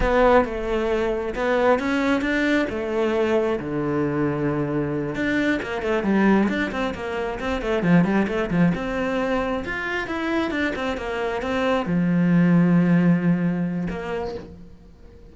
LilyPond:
\new Staff \with { instrumentName = "cello" } { \time 4/4 \tempo 4 = 134 b4 a2 b4 | cis'4 d'4 a2 | d2.~ d8 d'8~ | d'8 ais8 a8 g4 d'8 c'8 ais8~ |
ais8 c'8 a8 f8 g8 a8 f8 c'8~ | c'4. f'4 e'4 d'8 | c'8 ais4 c'4 f4.~ | f2. ais4 | }